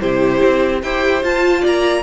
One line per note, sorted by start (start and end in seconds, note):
0.00 0.41 C3
0.00 0.81 E4
0.00 0.82 G4
0.00 0.81 C5
0.43 0.83 C4
0.82 1.23 E4
0.82 1.23 G4
0.82 1.61 C5
0.82 1.23 G5
1.23 1.63 F4
1.23 2.03 F4
1.23 1.65 A5
1.61 2.03 A#3
1.61 2.01 D5
1.61 2.03 A#5